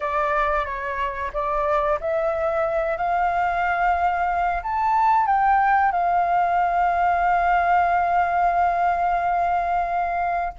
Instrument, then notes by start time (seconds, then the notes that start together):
flute
0.00 D5
0.65 C#5
1.33 D5
2.00 E5
2.97 F5
4.62 A5
5.26 G5
5.91 F5